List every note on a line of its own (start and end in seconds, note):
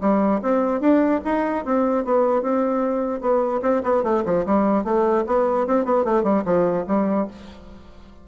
0.00 0.40 G3
0.42 0.80 C4
0.80 1.20 D4
1.24 1.65 D#4
1.65 2.04 C4
2.04 2.42 B3
2.42 3.20 C4
3.20 3.61 B3
3.62 3.82 C4
3.83 4.03 B3
4.03 4.23 A3
4.25 4.45 F3
4.46 4.84 G3
4.84 5.24 A3
5.26 5.67 B3
5.67 5.85 C4
5.85 6.04 B3
6.04 6.23 A3
6.23 6.43 G3
6.44 6.85 F3
6.87 7.27 G3